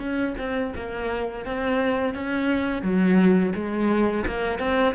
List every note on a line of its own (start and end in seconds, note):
0.00 0.35 C#4
0.39 0.74 C4
0.76 1.46 A#3
1.46 2.15 C4
2.15 2.83 C#4
2.83 3.53 F#3
3.55 4.26 G#3
4.27 4.59 A#3
4.59 4.95 C4